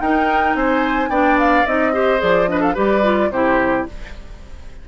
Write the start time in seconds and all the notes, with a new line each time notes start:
0.00 D#4 A#4 G5
0.55 C4 C5 G#5
1.10 B3 D4 D5 G5
1.39 F5
1.66 C4 D#4 D#5
1.93 G4 C5
2.18 F3 G#4 D5
2.48 D4 B4 D#5
2.60 A4 F5
2.74 G3 G4 B4 D5
3.03 F4
3.30 C3 E4 G4 C5